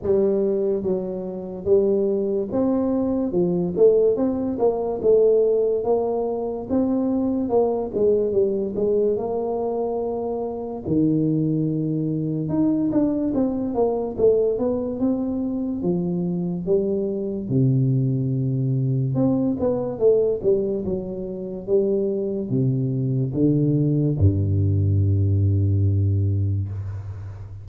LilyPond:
\new Staff \with { instrumentName = "tuba" } { \time 4/4 \tempo 4 = 72 g4 fis4 g4 c'4 | f8 a8 c'8 ais8 a4 ais4 | c'4 ais8 gis8 g8 gis8 ais4~ | ais4 dis2 dis'8 d'8 |
c'8 ais8 a8 b8 c'4 f4 | g4 c2 c'8 b8 | a8 g8 fis4 g4 c4 | d4 g,2. | }